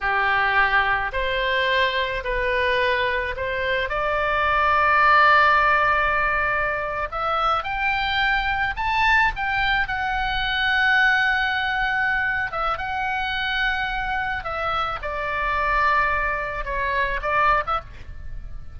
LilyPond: \new Staff \with { instrumentName = "oboe" } { \time 4/4 \tempo 4 = 108 g'2 c''2 | b'2 c''4 d''4~ | d''1~ | d''8. e''4 g''2 a''16~ |
a''8. g''4 fis''2~ fis''16~ | fis''2~ fis''8 e''8 fis''4~ | fis''2 e''4 d''4~ | d''2 cis''4 d''8. e''16 | }